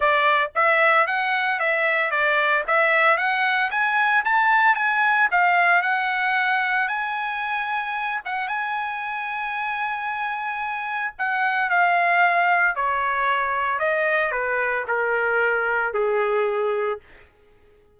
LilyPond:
\new Staff \with { instrumentName = "trumpet" } { \time 4/4 \tempo 4 = 113 d''4 e''4 fis''4 e''4 | d''4 e''4 fis''4 gis''4 | a''4 gis''4 f''4 fis''4~ | fis''4 gis''2~ gis''8 fis''8 |
gis''1~ | gis''4 fis''4 f''2 | cis''2 dis''4 b'4 | ais'2 gis'2 | }